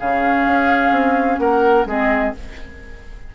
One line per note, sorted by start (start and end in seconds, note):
0.00 0.47 C#3
0.00 1.88 C#4
0.00 1.41 G#4
0.00 1.39 F5
0.47 0.92 C#4
0.92 1.38 C4
1.39 1.86 A#3
1.39 1.88 A#4
1.39 1.86 F#5
1.86 2.32 G#3
1.86 2.35 C4
1.86 2.36 G#4
1.86 2.35 D#5